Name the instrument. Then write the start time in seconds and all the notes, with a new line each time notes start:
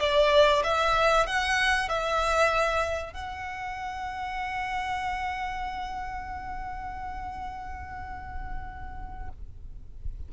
violin
0.00 D5
0.64 E5
1.27 F#5
1.89 E5
3.13 F#5